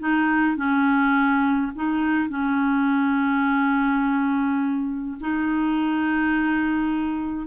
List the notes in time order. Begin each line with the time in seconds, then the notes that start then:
0.00 D#4
0.57 C#4
1.75 D#4
2.29 C#4
5.21 D#4